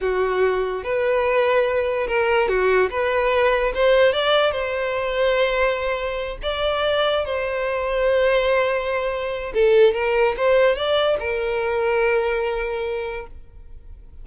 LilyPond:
\new Staff \with { instrumentName = "violin" } { \time 4/4 \tempo 4 = 145 fis'2 b'2~ | b'4 ais'4 fis'4 b'4~ | b'4 c''4 d''4 c''4~ | c''2.~ c''8 d''8~ |
d''4. c''2~ c''8~ | c''2. a'4 | ais'4 c''4 d''4 ais'4~ | ais'1 | }